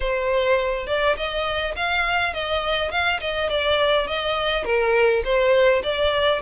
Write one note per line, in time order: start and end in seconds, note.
0.00 0.86 C5
0.86 1.15 D5
1.16 1.74 D#5
1.76 2.33 F5
2.33 2.91 D#5
2.91 3.20 F5
3.20 3.49 D#5
3.49 4.07 D5
4.07 4.64 D#5
4.64 5.22 A#4
5.24 5.82 C5
5.83 6.41 D5